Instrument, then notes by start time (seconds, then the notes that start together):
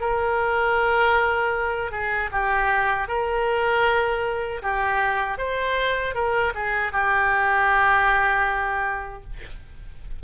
oboe
0.00 A#4
1.91 G#4
2.32 G4
3.08 A#4
4.62 G4
5.38 C5
6.15 A#4
6.55 G#4
6.92 G4